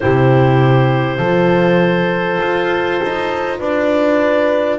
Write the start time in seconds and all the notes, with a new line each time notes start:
0.00 C3 E4 G4 C5
1.18 F3 F4 A4
2.40 F4
3.02 D#4
3.58 D4 B4 D5